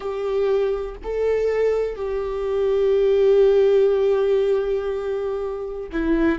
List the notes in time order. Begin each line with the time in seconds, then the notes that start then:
0.00 G4
1.03 A4
1.95 G4
5.92 E4